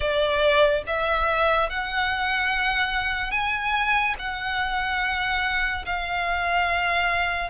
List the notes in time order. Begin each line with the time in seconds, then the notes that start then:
0.00 D5
0.86 E5
1.69 F#5
3.31 G#5
4.18 F#5
5.85 F5